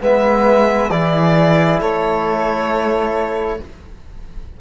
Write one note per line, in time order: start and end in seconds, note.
0.00 0.90 G#3
0.00 0.90 B3
0.00 0.92 B4
0.00 0.90 E5
0.90 1.80 E3
0.90 3.60 E4
0.90 1.81 G#4
0.90 1.80 D5
1.80 3.60 A3
1.80 3.60 A4
1.80 3.60 C#5